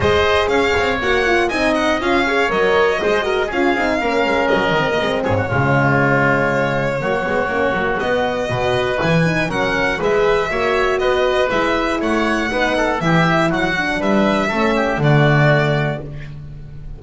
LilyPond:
<<
  \new Staff \with { instrumentName = "violin" } { \time 4/4 \tempo 4 = 120 dis''4 f''4 fis''4 gis''8 fis''8 | f''4 dis''2 f''4~ | f''4 dis''4. cis''4.~ | cis''1 |
dis''2 gis''4 fis''4 | e''2 dis''4 e''4 | fis''2 e''4 fis''4 | e''2 d''2 | }
  \new Staff \with { instrumentName = "oboe" } { \time 4/4 c''4 cis''2 dis''4~ | dis''8 cis''4. c''8 ais'8 gis'4 | ais'2~ ais'8 gis'16 fis'16 f'4~ | f'2 fis'2~ |
fis'4 b'2 ais'4 | b'4 cis''4 b'2 | cis''4 b'8 a'8 g'4 fis'4 | b'4 a'8 g'8 fis'2 | }
  \new Staff \with { instrumentName = "horn" } { \time 4/4 gis'2 fis'8 f'8 dis'4 | f'8 gis'8 ais'4 gis'8 fis'8 f'8 dis'8 | cis'4. c'16 ais16 c'4 gis4~ | gis2 ais8 b8 cis'8 ais8 |
b4 fis'4 e'8 dis'8 cis'4 | gis'4 fis'2 e'4~ | e'4 dis'4 e'4. d'8~ | d'4 cis'4 a2 | }
  \new Staff \with { instrumentName = "double bass" } { \time 4/4 gis4 cis'8 c'8 ais4 c'4 | cis'4 fis4 gis4 cis'8 c'8 | ais8 gis8 fis8 dis8 gis8 gis,8 cis4~ | cis2 fis8 gis8 ais8 fis8 |
b4 b,4 e4 fis4 | gis4 ais4 b4 gis4 | a4 b4 e4 fis4 | g4 a4 d2 | }
>>